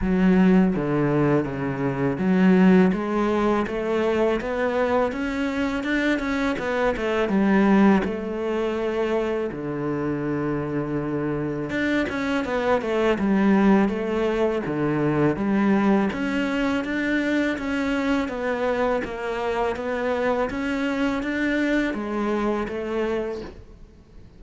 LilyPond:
\new Staff \with { instrumentName = "cello" } { \time 4/4 \tempo 4 = 82 fis4 d4 cis4 fis4 | gis4 a4 b4 cis'4 | d'8 cis'8 b8 a8 g4 a4~ | a4 d2. |
d'8 cis'8 b8 a8 g4 a4 | d4 g4 cis'4 d'4 | cis'4 b4 ais4 b4 | cis'4 d'4 gis4 a4 | }